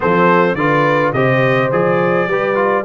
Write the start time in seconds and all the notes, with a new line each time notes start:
0.00 F3 C4 A4 C5
0.55 D3 F4 B4 D5
1.12 C3 G4 C5 D#5
1.72 F3 G#4 D5
2.27 G3 G4 B4
2.55 F4